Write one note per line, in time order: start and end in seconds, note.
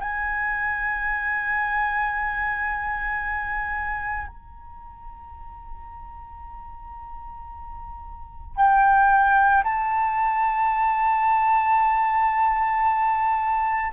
0.00 4.27 G#5
4.27 8.56 A#5
8.56 9.63 G5
9.63 13.92 A5